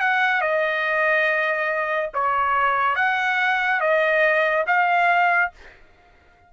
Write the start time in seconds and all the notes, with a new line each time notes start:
0.00 F#5
0.41 D#5
2.14 C#5
2.95 F#5
3.80 D#5
4.67 F5